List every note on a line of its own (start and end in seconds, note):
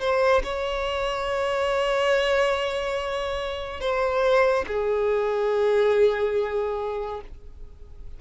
0.00 0.42 C5
0.43 3.80 C#5
3.80 4.65 C5
4.67 7.21 G#4